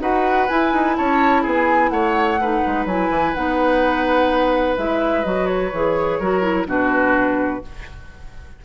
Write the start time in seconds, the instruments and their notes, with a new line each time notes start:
0.00 bassoon D#4, clarinet F#4, oboe B4, flute F#5
0.49 clarinet E4, bassoon E4, flute G#5
0.73 bassoon D#4
0.97 bassoon C#4, oboe C#5, flute A5
1.43 bassoon B3, oboe G#4
1.49 flute G#5
1.89 bassoon A3, oboe C#5, flute F#5
2.41 clarinet D#4, oboe B4
2.67 bassoon G#3
2.86 bassoon F#3, clarinet E4, flute G#5
3.10 bassoon E3
3.34 bassoon B3, clarinet D#4, flute F#5
4.77 bassoon G#3, clarinet E4, flute E5
5.24 bassoon F#3, clarinet F#4, flute D#5
5.46 flute C#5
5.72 bassoon E3, clarinet G#4
6.20 bassoon F#3, clarinet F#4, oboe A#4
6.42 clarinet E4
6.66 bassoon B2, clarinet D4, oboe F#4, flute B4